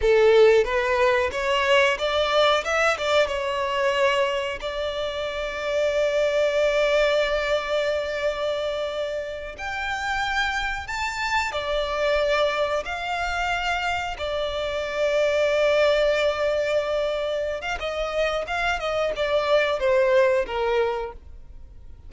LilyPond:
\new Staff \with { instrumentName = "violin" } { \time 4/4 \tempo 4 = 91 a'4 b'4 cis''4 d''4 | e''8 d''8 cis''2 d''4~ | d''1~ | d''2~ d''8 g''4.~ |
g''8 a''4 d''2 f''8~ | f''4. d''2~ d''8~ | d''2~ d''8. f''16 dis''4 | f''8 dis''8 d''4 c''4 ais'4 | }